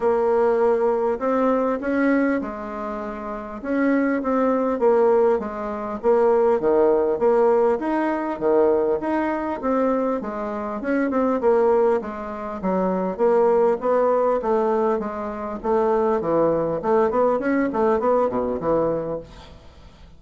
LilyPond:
\new Staff \with { instrumentName = "bassoon" } { \time 4/4 \tempo 4 = 100 ais2 c'4 cis'4 | gis2 cis'4 c'4 | ais4 gis4 ais4 dis4 | ais4 dis'4 dis4 dis'4 |
c'4 gis4 cis'8 c'8 ais4 | gis4 fis4 ais4 b4 | a4 gis4 a4 e4 | a8 b8 cis'8 a8 b8 b,8 e4 | }